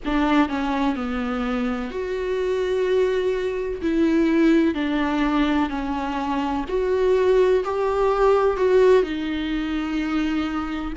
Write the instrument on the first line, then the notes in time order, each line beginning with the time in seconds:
viola
0.05 D4
0.48 C#4
0.95 B3
1.90 F#4
3.81 E4
4.74 D4
5.69 C#4
6.68 F#4
7.64 G4
8.57 F#4
9.02 D#4